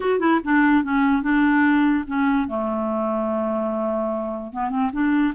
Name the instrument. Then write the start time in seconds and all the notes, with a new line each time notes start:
clarinet
0.00 F#4
0.19 E4
0.44 D4
0.83 C#4
1.22 D4
2.07 C#4
2.48 A3
4.52 B3
4.70 C4
4.92 D4